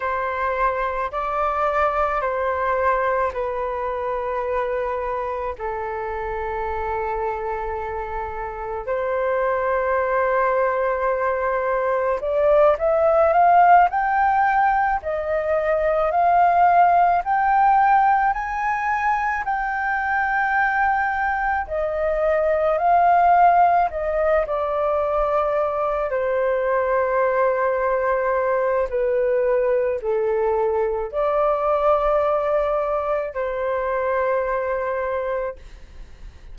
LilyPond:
\new Staff \with { instrumentName = "flute" } { \time 4/4 \tempo 4 = 54 c''4 d''4 c''4 b'4~ | b'4 a'2. | c''2. d''8 e''8 | f''8 g''4 dis''4 f''4 g''8~ |
g''8 gis''4 g''2 dis''8~ | dis''8 f''4 dis''8 d''4. c''8~ | c''2 b'4 a'4 | d''2 c''2 | }